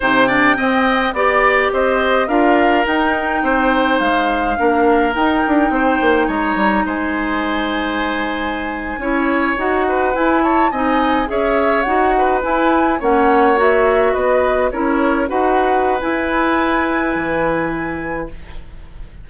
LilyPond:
<<
  \new Staff \with { instrumentName = "flute" } { \time 4/4 \tempo 4 = 105 g''2 d''4 dis''4 | f''4 g''2 f''4~ | f''4 g''2 ais''4 | gis''1~ |
gis''8. fis''4 gis''8 a''8 gis''4 e''16~ | e''8. fis''4 gis''4 fis''4 e''16~ | e''8. dis''4 cis''4 fis''4~ fis''16 | gis''1 | }
  \new Staff \with { instrumentName = "oboe" } { \time 4/4 c''8 d''8 dis''4 d''4 c''4 | ais'2 c''2 | ais'2 c''4 cis''4 | c''2.~ c''8. cis''16~ |
cis''4~ cis''16 b'4 cis''8 dis''4 cis''16~ | cis''4~ cis''16 b'4. cis''4~ cis''16~ | cis''8. b'4 ais'4 b'4~ b'16~ | b'1 | }
  \new Staff \with { instrumentName = "clarinet" } { \time 4/4 dis'8 d'8 c'4 g'2 | f'4 dis'2. | d'4 dis'2.~ | dis'2.~ dis'8. e'16~ |
e'8. fis'4 e'4 dis'4 gis'16~ | gis'8. fis'4 e'4 cis'4 fis'16~ | fis'4.~ fis'16 e'4 fis'4~ fis'16 | e'1 | }
  \new Staff \with { instrumentName = "bassoon" } { \time 4/4 c4 c'4 b4 c'4 | d'4 dis'4 c'4 gis4 | ais4 dis'8 d'8 c'8 ais8 gis8 g8 | gis2.~ gis8. cis'16~ |
cis'8. dis'4 e'4 c'4 cis'16~ | cis'8. dis'4 e'4 ais4~ ais16~ | ais8. b4 cis'4 dis'4~ dis'16 | e'2 e2 | }
>>